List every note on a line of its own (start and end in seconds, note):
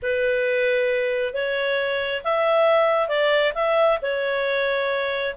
0.02 1.33 B4
1.33 2.22 C#5
2.24 3.08 E5
3.08 3.53 D5
3.54 3.98 E5
4.01 5.35 C#5